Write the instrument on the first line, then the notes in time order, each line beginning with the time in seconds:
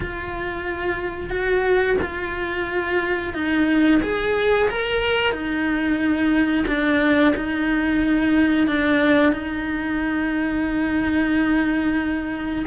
cello
0.00 F4
1.30 F#4
2.01 F4
3.34 D#4
4.02 G#4
4.69 A#4
5.32 D#4
6.67 D4
7.35 D#4
8.67 D4
9.32 D#4